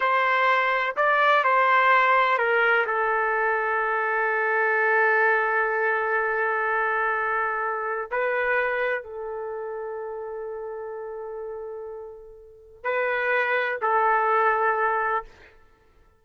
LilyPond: \new Staff \with { instrumentName = "trumpet" } { \time 4/4 \tempo 4 = 126 c''2 d''4 c''4~ | c''4 ais'4 a'2~ | a'1~ | a'1~ |
a'4 b'2 a'4~ | a'1~ | a'2. b'4~ | b'4 a'2. | }